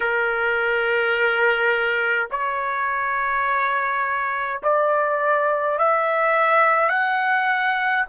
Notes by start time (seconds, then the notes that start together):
0.00 A#4
2.30 C#5
4.63 D5
5.78 E5
6.89 F#5